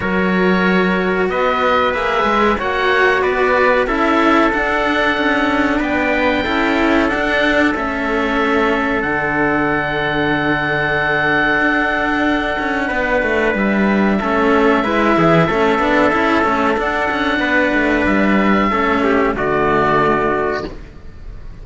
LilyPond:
<<
  \new Staff \with { instrumentName = "oboe" } { \time 4/4 \tempo 4 = 93 cis''2 dis''4 e''4 | fis''4 d''4 e''4 fis''4~ | fis''4 g''2 fis''4 | e''2 fis''2~ |
fis''1~ | fis''4 e''2.~ | e''2 fis''2 | e''2 d''2 | }
  \new Staff \with { instrumentName = "trumpet" } { \time 4/4 ais'2 b'2 | cis''4 b'4 a'2~ | a'4 b'4 a'2~ | a'1~ |
a'1 | b'2 a'4 b'8 gis'8 | a'2. b'4~ | b'4 a'8 g'8 fis'2 | }
  \new Staff \with { instrumentName = "cello" } { \time 4/4 fis'2. gis'4 | fis'2 e'4 d'4~ | d'2 e'4 d'4 | cis'2 d'2~ |
d'1~ | d'2 cis'4 e'4 | cis'8 d'8 e'8 cis'8 d'2~ | d'4 cis'4 a2 | }
  \new Staff \with { instrumentName = "cello" } { \time 4/4 fis2 b4 ais8 gis8 | ais4 b4 cis'4 d'4 | cis'4 b4 cis'4 d'4 | a2 d2~ |
d2 d'4. cis'8 | b8 a8 g4 a4 gis8 e8 | a8 b8 cis'8 a8 d'8 cis'8 b8 a8 | g4 a4 d2 | }
>>